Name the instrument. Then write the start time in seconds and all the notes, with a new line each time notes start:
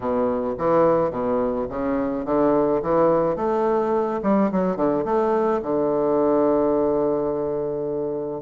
bassoon
0.00 B2
0.58 E3
1.10 B2
1.69 C#3
2.25 D3
2.82 E3
3.36 A3
4.22 G3
4.51 F#3
4.76 D3
5.04 A3
5.62 D3